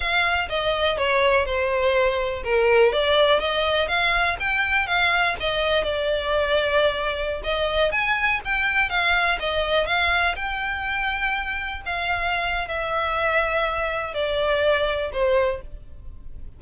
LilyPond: \new Staff \with { instrumentName = "violin" } { \time 4/4 \tempo 4 = 123 f''4 dis''4 cis''4 c''4~ | c''4 ais'4 d''4 dis''4 | f''4 g''4 f''4 dis''4 | d''2.~ d''16 dis''8.~ |
dis''16 gis''4 g''4 f''4 dis''8.~ | dis''16 f''4 g''2~ g''8.~ | g''16 f''4.~ f''16 e''2~ | e''4 d''2 c''4 | }